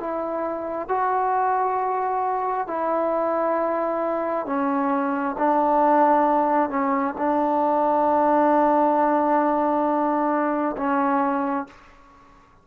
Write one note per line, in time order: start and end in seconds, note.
0.00 0.88 E4
0.88 2.67 F#4
2.67 4.46 E4
4.46 5.36 C#4
5.38 6.70 D4
6.70 7.14 C#4
7.18 10.76 D4
10.77 11.67 C#4